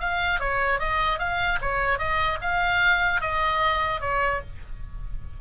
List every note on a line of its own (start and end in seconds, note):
0.00 0.40 F5
0.40 0.80 C#5
0.80 1.19 D#5
1.19 1.59 F5
1.62 1.99 C#5
1.99 2.39 D#5
2.42 3.21 F5
3.21 4.01 D#5
4.01 4.41 C#5